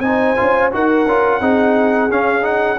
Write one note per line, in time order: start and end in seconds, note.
0.00 0.34 C4
0.00 0.37 D#4
0.00 0.70 G#5
0.06 0.75 C5
0.37 0.75 C#4
0.37 0.72 F4
0.72 1.06 D#4
0.72 1.06 F#4
0.72 1.41 A#4
0.72 2.12 F#5
1.06 1.41 C#4
1.06 1.41 F4
1.41 2.10 C4
1.41 2.10 D#4
1.41 2.79 G#4
2.10 2.79 C#4
2.10 2.42 C#4
2.10 2.45 F5
2.42 2.77 D#4
2.42 2.79 F#5